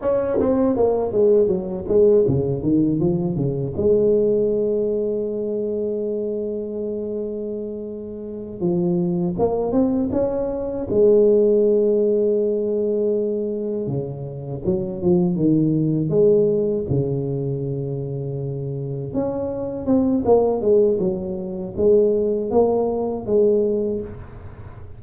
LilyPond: \new Staff \with { instrumentName = "tuba" } { \time 4/4 \tempo 4 = 80 cis'8 c'8 ais8 gis8 fis8 gis8 cis8 dis8 | f8 cis8 gis2.~ | gis2.~ gis8 f8~ | f8 ais8 c'8 cis'4 gis4.~ |
gis2~ gis8 cis4 fis8 | f8 dis4 gis4 cis4.~ | cis4. cis'4 c'8 ais8 gis8 | fis4 gis4 ais4 gis4 | }